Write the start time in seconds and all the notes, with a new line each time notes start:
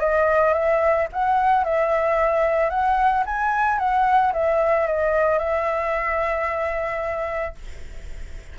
0.00 D#5
0.54 E5
1.13 F#5
1.65 E5
2.70 F#5
3.26 G#5
3.79 F#5
4.33 E5
4.87 D#5
5.39 E5